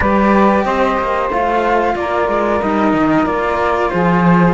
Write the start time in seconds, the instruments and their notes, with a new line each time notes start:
0.00 cello G3 G4, saxophone B4, flute D5
0.63 cello C4, saxophone C5, flute D#5
0.99 cello A#3
1.29 cello A3 F4, flute F5
1.95 cello A#3, saxophone A#4, flute D5
2.28 cello G#3
2.61 cello G3 D#4, flute D#5
2.93 cello D#3
3.25 cello A#3 F4, flute D5
3.89 cello F3, saxophone G#4, flute C5